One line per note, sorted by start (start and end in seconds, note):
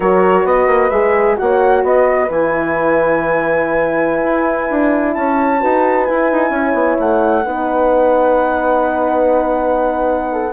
0.00 0.44 F#3
0.00 0.91 F#4
0.00 0.45 A#4
0.00 0.46 C#5
0.44 0.67 B3
0.44 1.37 B4
0.44 0.90 D#5
0.67 0.90 A#3
0.90 1.37 G#3
0.90 1.36 G#4
0.90 1.35 E5
1.36 1.83 A#3
1.36 2.28 F#4
1.36 1.85 C#5
1.36 1.83 F#5
1.83 2.29 B3
1.83 5.17 B4
1.83 2.30 D#5
2.29 4.23 E3
2.29 5.60 E4
2.29 5.13 G#5
4.23 4.69 E4
4.70 5.15 D4
5.13 5.61 C#4
5.13 5.60 C#5
5.13 6.05 A5
5.60 6.09 D#4
5.60 6.06 F#4
5.60 6.52 B4
6.05 7.44 E4
6.05 6.31 E4
6.05 6.96 G#5
6.31 6.50 D#4
6.50 6.73 C#4
6.50 7.45 C#5
6.73 6.96 B3
6.99 7.45 A3
6.99 10.53 F#5
7.45 10.53 B3
7.45 10.53 D#4
7.45 10.31 B4
10.31 10.53 A4